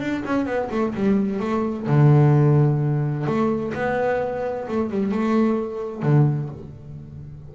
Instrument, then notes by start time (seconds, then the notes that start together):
double bass
0.00 D4
0.25 C#4
0.45 B3
0.71 A3
0.94 G3
1.40 A3
1.87 D3
3.26 A3
3.74 B3
4.68 A3
4.90 G3
5.11 A3
6.02 D3